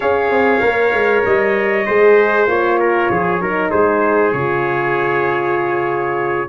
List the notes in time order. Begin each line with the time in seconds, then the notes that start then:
0.00 C#4 G#4 C#5 F5
0.30 C4
0.61 A#3 A#4
0.93 G#3
1.25 G3 D#5
1.86 G#3 G#4 C5
2.46 A#3 F4 C#5
2.79 A#4
3.09 F3 G#4
3.40 F#3 D#4 A#4
3.70 G#3 G#4 C5
4.32 C#3 F4 C#5